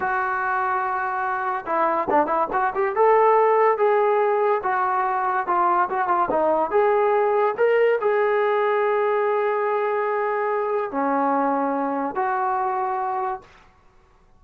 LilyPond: \new Staff \with { instrumentName = "trombone" } { \time 4/4 \tempo 4 = 143 fis'1 | e'4 d'8 e'8 fis'8 g'8 a'4~ | a'4 gis'2 fis'4~ | fis'4 f'4 fis'8 f'8 dis'4 |
gis'2 ais'4 gis'4~ | gis'1~ | gis'2 cis'2~ | cis'4 fis'2. | }